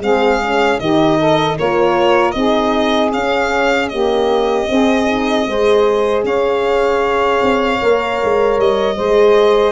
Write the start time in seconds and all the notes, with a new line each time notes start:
0.00 G#3 C4 G#4 F5
0.42 C#4
0.80 D#3 D#4 G4 D#5
1.18 A4
1.58 A#3 F4 A#4 C#5
2.32 C4 D#4 G#4 D#5
3.13 C#4 F5
3.89 A#3 G4 D#5
4.67 C4 G#4
5.07 D#4
5.47 G#3 G#4 C5
6.24 C#4 C#5 F5
7.42 C4
7.80 A#3 A#4
8.23 G#3
8.58 G3 D#5
8.96 G#3 G#4 C5